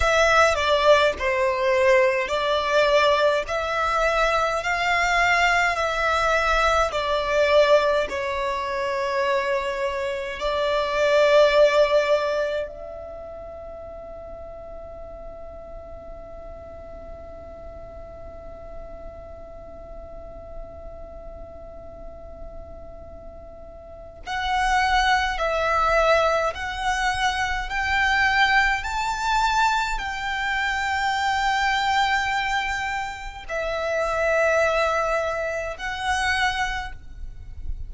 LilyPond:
\new Staff \with { instrumentName = "violin" } { \time 4/4 \tempo 4 = 52 e''8 d''8 c''4 d''4 e''4 | f''4 e''4 d''4 cis''4~ | cis''4 d''2 e''4~ | e''1~ |
e''1~ | e''4 fis''4 e''4 fis''4 | g''4 a''4 g''2~ | g''4 e''2 fis''4 | }